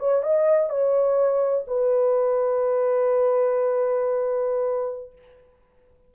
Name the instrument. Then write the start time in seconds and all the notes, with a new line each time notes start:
horn
0.00 C#5
0.23 D#5
0.70 C#5
1.67 B4